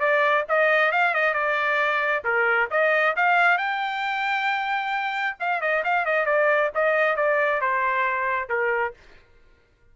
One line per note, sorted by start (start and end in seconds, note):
0.00 0.45 D5
0.49 0.92 D#5
0.92 1.14 F5
1.14 1.34 D#5
1.34 2.24 D5
2.25 2.69 A#4
2.71 3.16 D#5
3.16 3.58 F5
3.58 5.37 G5
5.40 5.62 F5
5.62 5.84 D#5
5.84 6.06 F5
6.06 6.26 D#5
6.26 6.71 D5
6.75 7.17 D#5
7.17 7.61 D5
7.61 8.49 C5
8.49 8.94 A#4